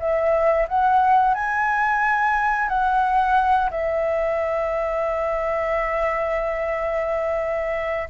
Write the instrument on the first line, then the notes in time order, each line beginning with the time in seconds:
flute
0.00 E5
0.68 F#5
1.34 G#5
2.69 F#5
3.70 E5